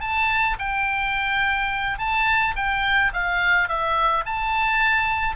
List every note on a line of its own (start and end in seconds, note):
0.00 0.56 A5
0.58 1.98 G5
1.98 2.54 A5
2.56 3.12 G5
3.13 3.68 F5
3.68 4.24 E5
4.25 5.36 A5